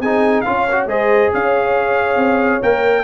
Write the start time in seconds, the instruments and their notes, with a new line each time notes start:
0.00 tuba C4, trombone D#4, horn G#4, trumpet G#5
0.41 trombone F4, trumpet F5
0.47 tuba C#4, horn C#5
0.71 trombone F#4
0.86 tuba G#3, trombone G#4, horn C5, trumpet D#5
1.34 tuba C#4, horn C#5, trumpet F5
2.16 tuba C4
2.62 tuba A#3, trombone A#4, trumpet G5